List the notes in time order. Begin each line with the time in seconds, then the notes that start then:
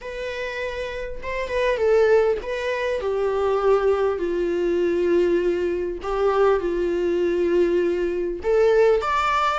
0.01 B4
1.22 C5
1.48 B4
1.77 A4
2.42 B4
3.00 G4
4.18 F4
6.02 G4
6.60 F4
8.43 A4
9.01 D5